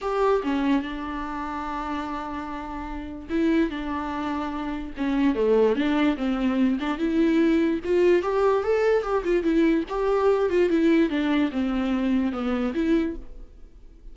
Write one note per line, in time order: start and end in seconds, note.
0.01 0.42 G4
0.43 0.81 C#4
0.81 3.28 D4
3.29 3.69 E4
3.69 4.93 D4
4.97 5.35 C#4
5.35 5.75 A3
5.75 6.16 D4
6.16 6.78 C4
6.80 6.98 D4
6.98 7.80 E4
7.84 8.22 F4
8.22 8.63 G4
8.63 9.03 A4
9.03 9.23 G4
9.24 9.43 F4
9.43 9.84 E4
9.89 10.49 G4
10.49 10.69 F4
10.69 11.09 E4
11.09 11.50 D4
11.51 12.32 C4
12.32 12.73 B3
12.74 13.15 E4